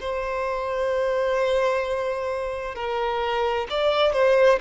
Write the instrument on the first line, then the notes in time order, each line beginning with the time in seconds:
violin
0.00 C5
2.75 A#4
3.70 D5
4.12 C5